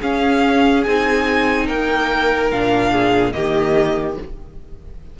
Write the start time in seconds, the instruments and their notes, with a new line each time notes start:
0.00 viola C#4, cello C#4, violin G#4 F5
0.83 cello C4, viola D#4, violin G#5
1.66 cello A#3, violin A#4 G5
2.51 cello A#2, viola D4, violin F5
2.91 violin G#4
3.32 cello D#3, viola A#3, violin G4 D#5